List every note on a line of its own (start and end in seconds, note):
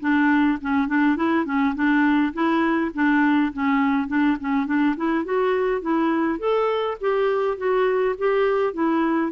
0.00 0.58 D4
0.61 0.88 C#4
0.88 1.16 D4
1.16 1.45 E4
1.45 1.74 C#4
1.75 2.33 D4
2.33 2.91 E4
2.94 3.52 D4
3.53 4.08 C#4
4.08 4.37 D4
4.40 4.66 C#4
4.66 4.95 D4
4.96 5.25 E4
5.25 5.81 F#4
5.81 6.39 E4
6.39 6.97 A4
7.00 7.57 G4
7.57 8.15 F#4
8.18 8.74 G4
8.74 9.32 E4